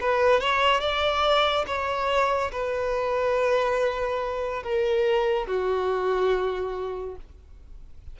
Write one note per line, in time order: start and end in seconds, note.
0.00 0.40 B4
0.40 0.80 C#5
0.80 1.65 D5
1.67 2.51 C#5
2.52 4.63 B4
4.63 5.47 A#4
5.47 7.16 F#4